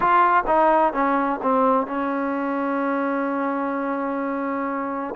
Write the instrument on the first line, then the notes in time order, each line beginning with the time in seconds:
trombone
0.00 F4
0.46 D#4
0.93 C#4
1.42 C4
1.86 C#4